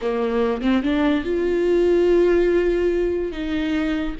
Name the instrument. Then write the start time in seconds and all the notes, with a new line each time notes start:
viola
0.01 A#3
0.61 C4
0.82 D4
1.24 F4
3.32 D#4